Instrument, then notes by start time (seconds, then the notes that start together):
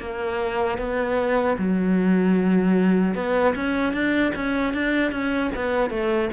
cello
0.00 A#3
0.79 B3
1.59 F#3
3.15 B3
3.56 C#4
3.94 D4
4.36 C#4
4.74 D4
5.12 C#4
5.56 B3
5.91 A3